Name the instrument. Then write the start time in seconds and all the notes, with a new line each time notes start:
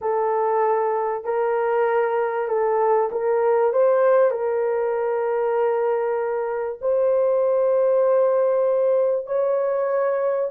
horn
0.01 A4
1.24 A#4
2.47 A4
3.11 A#4
3.73 C5
4.30 A#4
6.81 C5
9.26 C#5